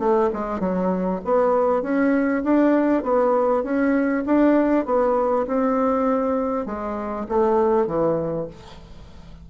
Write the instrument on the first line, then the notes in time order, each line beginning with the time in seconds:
bassoon
0.00 A3
0.34 G#3
0.60 F#3
1.25 B3
1.83 C#4
2.44 D4
3.04 B3
3.64 C#4
4.26 D4
4.86 B3
5.48 C4
6.66 G#3
7.29 A3
7.87 E3